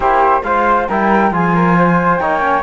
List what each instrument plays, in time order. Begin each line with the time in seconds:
0.00 cello A#3, trombone E4, flute G4 C5
0.43 cello G#3, trombone F4, flute C5 F5
0.88 cello G3, trombone E4, flute A#4 G5
1.31 cello F3, trombone F4, flute G#4 G#5
1.54 flute A#4
1.78 flute C5
2.18 cello A#3, trombone D#4, flute C#5 G5
2.40 trombone C#4